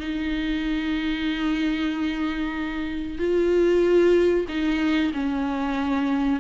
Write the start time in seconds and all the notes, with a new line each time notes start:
0.00 D#4
3.19 F4
4.49 D#4
5.14 C#4